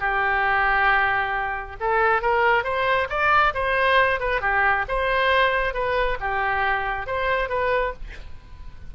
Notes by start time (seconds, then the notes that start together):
0.00 G4
1.81 A4
2.22 A#4
2.64 C5
3.10 D5
3.55 C5
4.20 B4
4.41 G4
4.89 C5
5.74 B4
6.20 G4
7.07 C5
7.49 B4